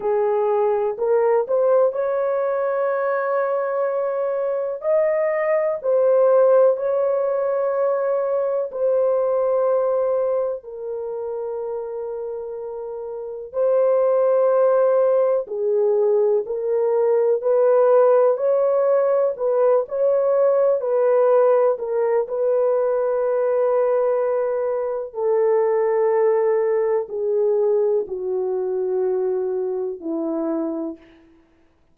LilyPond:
\new Staff \with { instrumentName = "horn" } { \time 4/4 \tempo 4 = 62 gis'4 ais'8 c''8 cis''2~ | cis''4 dis''4 c''4 cis''4~ | cis''4 c''2 ais'4~ | ais'2 c''2 |
gis'4 ais'4 b'4 cis''4 | b'8 cis''4 b'4 ais'8 b'4~ | b'2 a'2 | gis'4 fis'2 e'4 | }